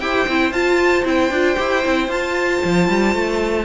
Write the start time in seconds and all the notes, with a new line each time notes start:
0.00 E4 G4 C5 G5
0.27 C4 E4
0.51 F4 A5
1.04 C4 E4 G5
1.30 D4 F4
1.56 E4 G4
1.83 C4 E4
2.08 F4 A5
2.64 F3
2.88 G3
3.14 A3